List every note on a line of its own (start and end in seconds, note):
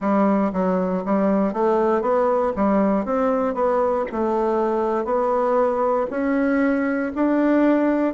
0.00 0.51 G3
0.53 1.04 F#3
1.04 1.53 G3
1.53 2.01 A3
2.01 2.52 B3
2.56 3.05 G3
3.05 3.54 C4
3.54 4.05 B3
4.11 5.04 A3
5.04 6.06 B3
6.10 7.12 C#4
7.15 8.14 D4